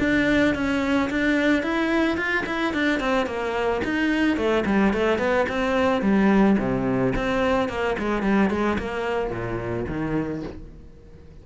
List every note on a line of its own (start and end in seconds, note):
0.00 0.55 D4
0.55 1.10 C#4
1.10 1.63 D4
1.63 2.17 E4
2.17 2.45 F4
2.46 2.74 E4
2.74 3.00 D4
3.00 3.27 C4
3.27 3.82 A#3
3.85 4.37 D#4
4.37 4.64 A3
4.66 4.94 G3
4.94 5.19 A3
5.19 5.46 B3
5.49 6.02 C4
6.02 6.57 G3
6.59 7.14 C3
7.16 7.69 C4
7.69 7.97 A#3
7.99 8.23 G#3
8.23 8.50 G3
8.50 8.78 G#3
8.78 9.31 A#3
9.31 9.86 A#2
9.88 10.43 D#3